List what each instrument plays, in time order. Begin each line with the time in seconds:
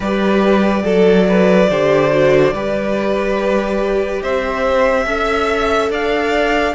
0.00 cello G3, viola G4, violin B4 D5
0.84 cello F#3, violin A4, viola A4
1.28 violin B4
1.69 cello D3, viola G4, violin C5
2.10 viola F#4
2.53 cello G3, viola G4, violin B4
4.22 cello C4, violin C5 E5
5.05 cello C#4, viola A4, violin E5
5.90 cello D4, violin D5 F5